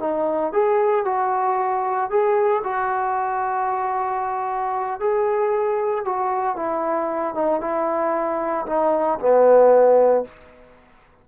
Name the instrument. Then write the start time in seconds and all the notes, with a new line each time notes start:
trombone
0.00 D#4
0.53 G#4
1.05 F#4
2.10 G#4
2.64 F#4
5.00 G#4
6.05 F#4
6.56 E4
7.35 D#4
7.61 E4
8.67 D#4
9.20 B3